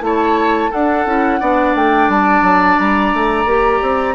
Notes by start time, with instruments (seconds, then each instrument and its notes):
0.00 bassoon A3, clarinet E4, oboe C#5, flute A5
0.71 clarinet D4, bassoon D4, oboe A4, flute F#5
1.05 bassoon C#4, clarinet E4
1.40 bassoon B3, clarinet D4, oboe D5
1.75 bassoon A3, flute G5
2.08 bassoon G3, flute A5
2.42 bassoon F#3
2.78 bassoon G3, flute A#5
3.13 bassoon A3
3.45 bassoon A#3, clarinet G4
3.82 bassoon C4